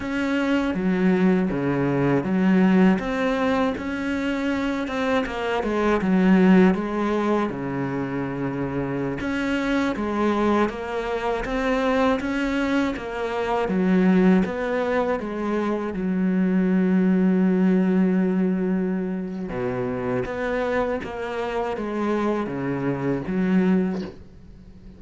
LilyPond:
\new Staff \with { instrumentName = "cello" } { \time 4/4 \tempo 4 = 80 cis'4 fis4 cis4 fis4 | c'4 cis'4. c'8 ais8 gis8 | fis4 gis4 cis2~ | cis16 cis'4 gis4 ais4 c'8.~ |
c'16 cis'4 ais4 fis4 b8.~ | b16 gis4 fis2~ fis8.~ | fis2 b,4 b4 | ais4 gis4 cis4 fis4 | }